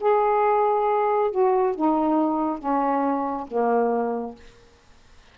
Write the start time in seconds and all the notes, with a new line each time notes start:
0.00 G#4
1.31 F#4
1.75 D#4
2.59 C#4
3.47 A#3